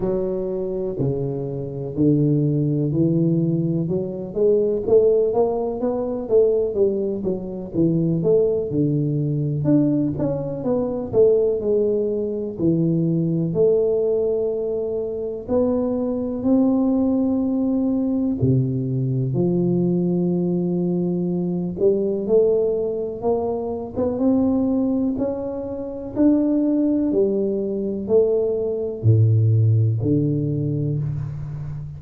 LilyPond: \new Staff \with { instrumentName = "tuba" } { \time 4/4 \tempo 4 = 62 fis4 cis4 d4 e4 | fis8 gis8 a8 ais8 b8 a8 g8 fis8 | e8 a8 d4 d'8 cis'8 b8 a8 | gis4 e4 a2 |
b4 c'2 c4 | f2~ f8 g8 a4 | ais8. b16 c'4 cis'4 d'4 | g4 a4 a,4 d4 | }